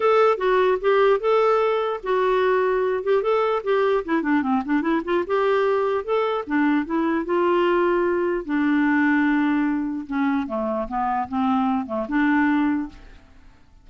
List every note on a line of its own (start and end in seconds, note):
0.00 0.37 A4
0.37 0.77 F#4
0.81 1.20 G4
1.20 2.00 A4
2.03 3.03 F#4
3.03 3.22 G4
3.22 3.62 A4
3.63 4.04 G4
4.04 4.22 E4
4.22 4.42 D4
4.42 4.62 C4
4.65 4.81 D4
4.81 5.01 E4
5.04 5.24 F4
5.26 6.04 G4
6.04 6.44 A4
6.46 6.85 D4
6.85 7.25 E4
7.25 8.45 F4
8.45 10.06 D4
10.06 10.47 C#4
10.47 10.87 A3
10.87 11.28 B3
11.28 11.86 C4
11.86 12.06 A3
12.08 12.89 D4